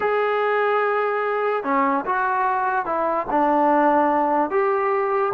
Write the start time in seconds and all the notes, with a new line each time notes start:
0.00 G#4
1.63 C#4
2.05 F#4
2.85 E4
3.30 D4
4.50 G4